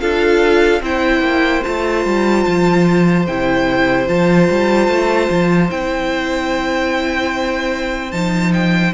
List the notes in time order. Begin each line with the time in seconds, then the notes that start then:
0.00 D4 F4 A4 F5
0.80 C4 E4 C5 G5
1.20 A#3
1.64 A3 F4 A5
2.05 G3
2.47 F3
3.27 C3 E4 G5
4.07 F3 F4 A5
4.50 G3
4.88 A3
5.30 F3
5.69 C4 E4 G5
8.11 F3 D#4 A5
8.53 G5